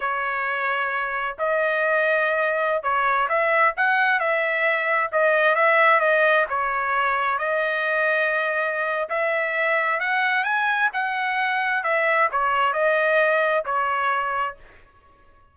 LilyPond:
\new Staff \with { instrumentName = "trumpet" } { \time 4/4 \tempo 4 = 132 cis''2. dis''4~ | dis''2~ dis''16 cis''4 e''8.~ | e''16 fis''4 e''2 dis''8.~ | dis''16 e''4 dis''4 cis''4.~ cis''16~ |
cis''16 dis''2.~ dis''8. | e''2 fis''4 gis''4 | fis''2 e''4 cis''4 | dis''2 cis''2 | }